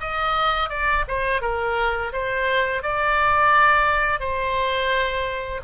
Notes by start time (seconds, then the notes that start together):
0.00 D#5
0.69 D5
1.07 C5
1.41 A#4
2.12 C5
2.82 D5
4.19 C5